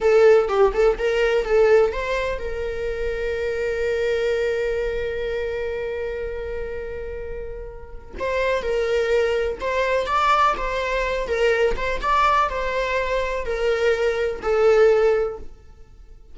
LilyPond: \new Staff \with { instrumentName = "viola" } { \time 4/4 \tempo 4 = 125 a'4 g'8 a'8 ais'4 a'4 | c''4 ais'2.~ | ais'1~ | ais'1~ |
ais'4 c''4 ais'2 | c''4 d''4 c''4. ais'8~ | ais'8 c''8 d''4 c''2 | ais'2 a'2 | }